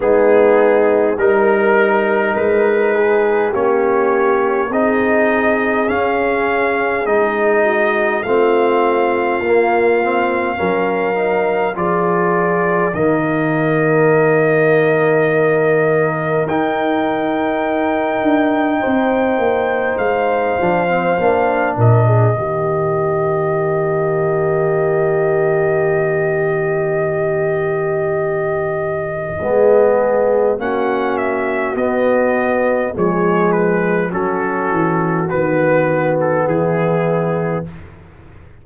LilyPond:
<<
  \new Staff \with { instrumentName = "trumpet" } { \time 4/4 \tempo 4 = 51 gis'4 ais'4 b'4 cis''4 | dis''4 f''4 dis''4 f''4~ | f''2 d''4 dis''4~ | dis''2 g''2~ |
g''4 f''4. dis''4.~ | dis''1~ | dis''2 fis''8 e''8 dis''4 | cis''8 b'8 a'4 b'8. a'16 gis'4 | }
  \new Staff \with { instrumentName = "horn" } { \time 4/4 dis'4 ais'4. gis'8 g'4 | gis'2~ gis'8 fis'8 f'4~ | f'4 ais'4 gis'4 ais'4~ | ais'1 |
c''2~ c''8 ais'16 gis'16 g'4~ | g'1~ | g'4 gis'4 fis'2 | gis'4 fis'2 e'4 | }
  \new Staff \with { instrumentName = "trombone" } { \time 4/4 b4 dis'2 cis'4 | dis'4 cis'4 dis'4 c'4 | ais8 c'8 cis'8 dis'8 f'4 ais4~ | ais2 dis'2~ |
dis'4. d'16 c'16 d'4 ais4~ | ais1~ | ais4 b4 cis'4 b4 | gis4 cis'4 b2 | }
  \new Staff \with { instrumentName = "tuba" } { \time 4/4 gis4 g4 gis4 ais4 | c'4 cis'4 gis4 a4 | ais4 fis4 f4 dis4~ | dis2 dis'4. d'8 |
c'8 ais8 gis8 f8 ais8 ais,8 dis4~ | dis1~ | dis4 gis4 ais4 b4 | f4 fis8 e8 dis4 e4 | }
>>